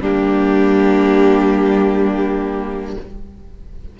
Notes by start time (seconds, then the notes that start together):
0.00 G3 A#3 D4 G4